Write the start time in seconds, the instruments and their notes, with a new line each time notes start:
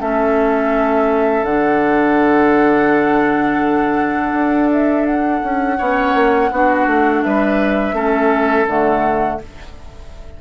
0.00 bassoon A3, clarinet C#4, oboe A4, flute E5
1.42 bassoon D3, clarinet D4, flute F#5
4.32 bassoon D4
4.72 flute E5
5.06 flute F#5
5.43 bassoon C#4
5.77 bassoon B3, clarinet C#4, oboe C#5
6.14 bassoon A#3
6.50 bassoon B3, clarinet D4, oboe F#4
6.86 bassoon A3
7.22 bassoon G3, oboe B4, flute E5
7.92 bassoon A3, clarinet C#4, oboe A4
8.67 bassoon D3, clarinet A3, flute F#5